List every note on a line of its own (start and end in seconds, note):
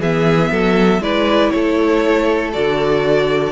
0.00 0.50 E3
0.00 1.02 B3
0.00 0.51 G#4
0.00 1.03 E5
0.51 1.00 F#3
0.51 1.02 A4
1.00 1.51 G#3
1.00 2.53 E4
1.00 1.53 B4
1.00 1.51 D5
1.51 2.56 A3
1.51 3.52 A4
1.51 2.52 C#5
2.53 3.52 D3
2.53 3.52 F#4
2.53 3.52 D5